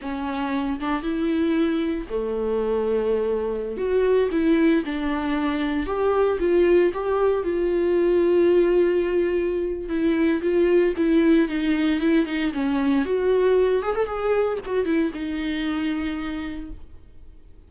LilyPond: \new Staff \with { instrumentName = "viola" } { \time 4/4 \tempo 4 = 115 cis'4. d'8 e'2 | a2.~ a16 fis'8.~ | fis'16 e'4 d'2 g'8.~ | g'16 f'4 g'4 f'4.~ f'16~ |
f'2. e'4 | f'4 e'4 dis'4 e'8 dis'8 | cis'4 fis'4. gis'16 a'16 gis'4 | fis'8 e'8 dis'2. | }